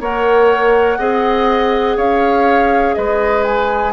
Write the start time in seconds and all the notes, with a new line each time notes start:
0.00 A#3 A#4 C#5 F#5
0.98 C4 G#4 D#5
1.97 C#4 C#5 F5
2.95 G#3 B4 D#5
3.44 G#5